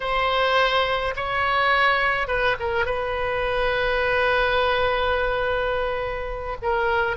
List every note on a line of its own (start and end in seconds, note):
0.00 1.14 C5
1.16 2.27 C#5
2.27 2.56 B4
2.59 2.85 A#4
2.85 6.57 B4
6.62 7.16 A#4